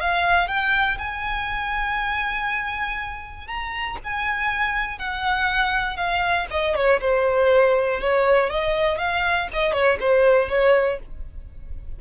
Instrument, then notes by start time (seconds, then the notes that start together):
violin
0.00 F5
0.47 G5
0.98 G#5
3.47 A#5
4.03 G#5
4.98 F#5
5.96 F5
6.50 D#5
6.75 C#5
7.00 C5
8.00 C#5
8.49 D#5
8.98 F5
9.53 D#5
9.72 C#5
10.00 C5
10.49 C#5